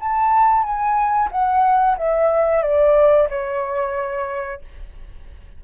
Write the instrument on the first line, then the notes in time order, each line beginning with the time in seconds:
flute
0.00 A5
0.63 G#5
1.32 F#5
1.98 E5
2.63 D5
3.30 C#5